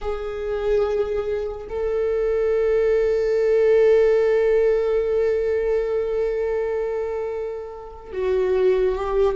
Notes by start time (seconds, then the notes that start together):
0.01 G#4
1.69 A4
8.12 F#4
8.95 G4